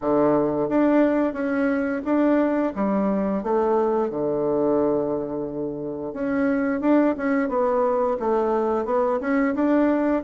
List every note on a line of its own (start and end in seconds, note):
0.01 0.68 D3
0.68 1.33 D4
1.33 2.01 C#4
2.04 2.72 D4
2.75 3.43 G3
3.43 4.10 A3
4.10 6.13 D3
6.13 6.81 C#4
6.81 7.15 D4
7.17 7.48 C#4
7.48 8.17 B3
8.19 8.85 A3
8.85 9.19 B3
9.20 9.54 C#4
9.55 10.23 D4